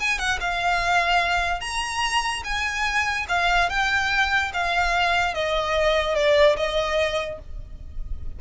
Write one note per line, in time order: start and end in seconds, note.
0.00 0.19 G#5
0.19 0.39 F#5
0.41 1.61 F5
1.61 2.43 A#5
2.44 3.27 G#5
3.29 3.70 F5
3.70 4.52 G5
4.53 5.34 F5
5.34 6.15 D#5
6.15 6.56 D5
6.57 7.39 D#5